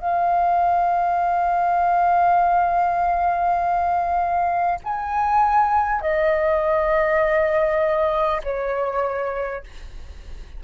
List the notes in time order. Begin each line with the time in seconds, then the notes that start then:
0.00 F5
4.84 G#5
6.02 D#5
8.44 C#5